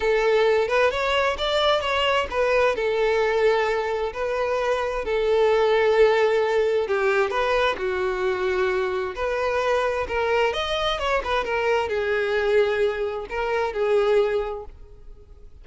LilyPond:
\new Staff \with { instrumentName = "violin" } { \time 4/4 \tempo 4 = 131 a'4. b'8 cis''4 d''4 | cis''4 b'4 a'2~ | a'4 b'2 a'4~ | a'2. g'4 |
b'4 fis'2. | b'2 ais'4 dis''4 | cis''8 b'8 ais'4 gis'2~ | gis'4 ais'4 gis'2 | }